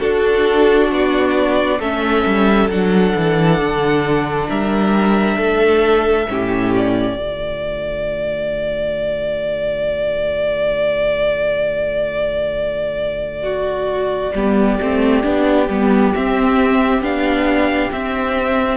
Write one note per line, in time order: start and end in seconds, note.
0.00 1.81 D4
0.00 0.92 D4
0.00 1.79 F#4
0.00 0.90 A4
0.92 1.80 B3
0.92 1.81 D5
1.79 2.25 A3
1.79 2.71 C#4
1.79 4.48 A4
1.79 2.71 E5
2.26 2.69 G3
2.69 3.14 F#3
2.69 6.28 D4
2.69 4.50 F#5
3.17 3.62 E3
3.62 4.50 D3
4.49 5.38 G3
4.49 5.39 A#4
4.49 6.74 E5
5.38 6.27 A3
5.38 6.28 A4
6.28 7.16 A2
6.28 7.17 C#4
6.28 7.20 G4
6.77 16.15 D5
7.16 14.32 D3
7.16 14.33 A3
7.16 13.44 F4
13.44 14.33 F#4
14.35 14.80 G3
14.35 14.81 B3
14.35 18.78 G4
14.81 15.25 A3
14.81 15.24 C4
15.24 15.69 B3
15.24 15.68 D4
15.69 16.14 G3
15.69 16.15 B3
16.15 17.02 C4
16.15 17.01 C4
16.15 17.04 E5
17.01 17.91 B3
17.01 17.92 D4
17.01 17.93 F5
17.92 18.78 C4
17.92 18.78 E5